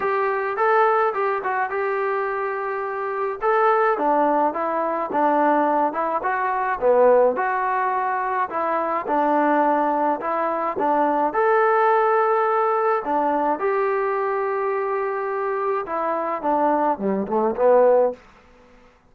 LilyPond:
\new Staff \with { instrumentName = "trombone" } { \time 4/4 \tempo 4 = 106 g'4 a'4 g'8 fis'8 g'4~ | g'2 a'4 d'4 | e'4 d'4. e'8 fis'4 | b4 fis'2 e'4 |
d'2 e'4 d'4 | a'2. d'4 | g'1 | e'4 d'4 g8 a8 b4 | }